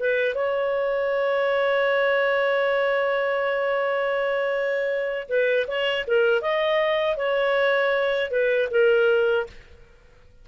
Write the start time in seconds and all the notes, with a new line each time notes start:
0.00 B4
0.35 C#5
5.29 B4
5.68 C#5
6.07 A#4
6.41 D#5
7.17 C#5
8.31 B4
8.71 A#4